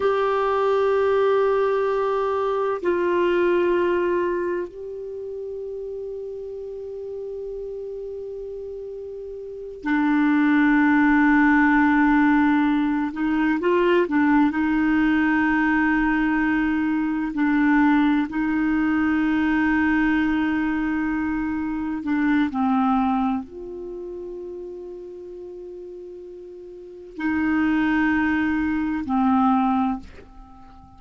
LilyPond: \new Staff \with { instrumentName = "clarinet" } { \time 4/4 \tempo 4 = 64 g'2. f'4~ | f'4 g'2.~ | g'2~ g'8 d'4.~ | d'2 dis'8 f'8 d'8 dis'8~ |
dis'2~ dis'8 d'4 dis'8~ | dis'2.~ dis'8 d'8 | c'4 f'2.~ | f'4 dis'2 c'4 | }